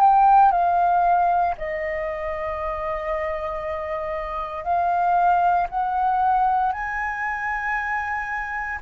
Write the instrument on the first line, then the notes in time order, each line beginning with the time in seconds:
flute
0.00 G5
0.52 F5
1.58 D#5
4.64 F5
5.69 F#5
6.72 G#5